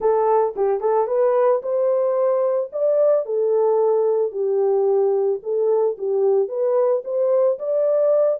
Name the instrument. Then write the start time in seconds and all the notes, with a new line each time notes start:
horn
0.00 A4
0.56 G4
0.80 A4
1.07 B4
1.62 C5
2.72 D5
3.25 A4
4.31 G4
5.42 A4
5.98 G4
6.48 B4
7.04 C5
7.58 D5